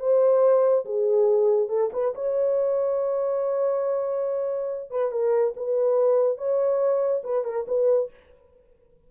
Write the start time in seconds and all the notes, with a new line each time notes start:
0.00 C5
0.86 G#4
1.69 A4
1.93 B4
2.15 C#5
4.91 B4
5.12 A#4
5.57 B4
6.38 C#5
7.24 B4
7.45 A#4
7.68 B4